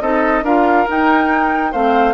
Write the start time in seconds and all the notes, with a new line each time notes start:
0.00 C4 D#4 A4 D#5
0.42 D4 F4 A#4 F5
0.86 D#4 G5
1.71 A3 C4 C5 F5